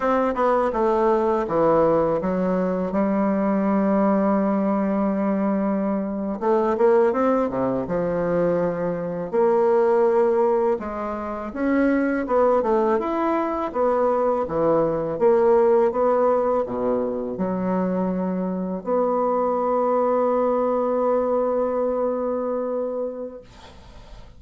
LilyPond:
\new Staff \with { instrumentName = "bassoon" } { \time 4/4 \tempo 4 = 82 c'8 b8 a4 e4 fis4 | g1~ | g8. a8 ais8 c'8 c8 f4~ f16~ | f8. ais2 gis4 cis'16~ |
cis'8. b8 a8 e'4 b4 e16~ | e8. ais4 b4 b,4 fis16~ | fis4.~ fis16 b2~ b16~ | b1 | }